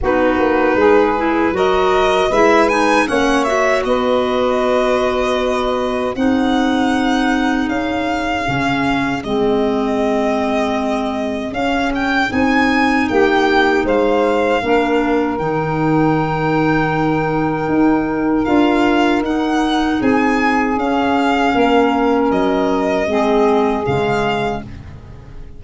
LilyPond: <<
  \new Staff \with { instrumentName = "violin" } { \time 4/4 \tempo 4 = 78 b'2 dis''4 e''8 gis''8 | fis''8 e''8 dis''2. | fis''2 f''2 | dis''2. f''8 g''8 |
gis''4 g''4 f''2 | g''1 | f''4 fis''4 gis''4 f''4~ | f''4 dis''2 f''4 | }
  \new Staff \with { instrumentName = "saxophone" } { \time 4/4 fis'4 gis'4 ais'4 b'4 | cis''4 b'2. | gis'1~ | gis'1~ |
gis'4 g'4 c''4 ais'4~ | ais'1~ | ais'2 gis'2 | ais'2 gis'2 | }
  \new Staff \with { instrumentName = "clarinet" } { \time 4/4 dis'4. e'8 fis'4 e'8 dis'8 | cis'8 fis'2.~ fis'8 | dis'2. cis'4 | c'2. cis'4 |
dis'2. d'4 | dis'1 | f'4 dis'2 cis'4~ | cis'2 c'4 gis4 | }
  \new Staff \with { instrumentName = "tuba" } { \time 4/4 b8 ais8 gis4 fis4 gis4 | ais4 b2. | c'2 cis'4 cis4 | gis2. cis'4 |
c'4 ais4 gis4 ais4 | dis2. dis'4 | d'4 dis'4 c'4 cis'4 | ais4 fis4 gis4 cis4 | }
>>